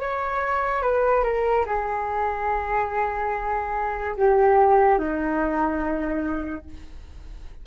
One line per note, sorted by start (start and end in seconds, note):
0.00 0.83 C#5
0.83 1.23 B4
1.23 1.65 A#4
1.66 4.16 G#4
4.17 4.98 G4
4.98 6.65 D#4